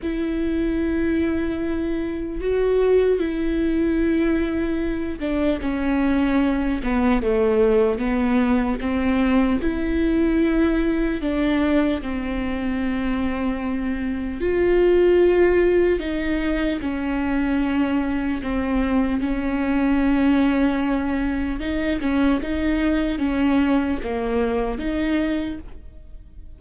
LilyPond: \new Staff \with { instrumentName = "viola" } { \time 4/4 \tempo 4 = 75 e'2. fis'4 | e'2~ e'8 d'8 cis'4~ | cis'8 b8 a4 b4 c'4 | e'2 d'4 c'4~ |
c'2 f'2 | dis'4 cis'2 c'4 | cis'2. dis'8 cis'8 | dis'4 cis'4 ais4 dis'4 | }